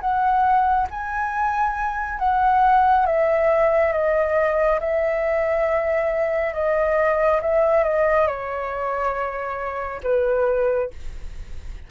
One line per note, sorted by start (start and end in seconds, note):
0.00 0.87 F#5
0.91 2.19 G#5
2.19 3.06 F#5
3.06 3.92 E5
3.92 4.79 D#5
4.80 6.54 E5
6.54 7.41 D#5
7.42 7.83 E5
7.83 8.27 D#5
8.27 10.01 C#5
10.03 10.90 B4